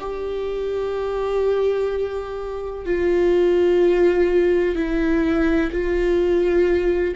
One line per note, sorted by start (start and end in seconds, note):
0.00 2.86 G4
2.86 4.76 F4
4.76 5.71 E4
5.72 7.15 F4